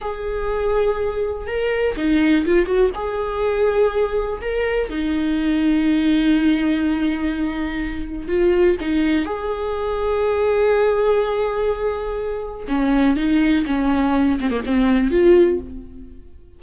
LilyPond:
\new Staff \with { instrumentName = "viola" } { \time 4/4 \tempo 4 = 123 gis'2. ais'4 | dis'4 f'8 fis'8 gis'2~ | gis'4 ais'4 dis'2~ | dis'1~ |
dis'4 f'4 dis'4 gis'4~ | gis'1~ | gis'2 cis'4 dis'4 | cis'4. c'16 ais16 c'4 f'4 | }